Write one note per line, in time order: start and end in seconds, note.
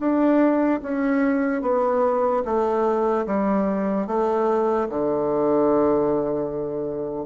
0.00 0.81 D4
0.83 1.62 C#4
1.62 2.43 B3
2.45 3.27 A3
3.27 4.07 G3
4.07 4.88 A3
4.89 7.26 D3